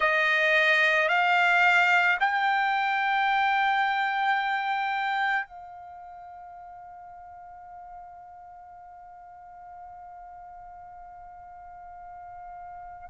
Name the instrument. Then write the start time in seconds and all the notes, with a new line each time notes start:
trumpet
0.00 D#5
1.08 F5
2.20 G5
5.46 F5